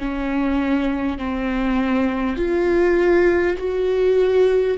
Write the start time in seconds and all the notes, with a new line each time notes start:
0.00 C#4
1.18 C4
2.37 F4
3.58 F#4